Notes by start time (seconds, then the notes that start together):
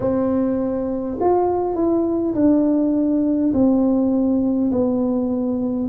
0.00 C4
1.20 F4
1.75 E4
2.35 D4
3.53 C4
4.71 B3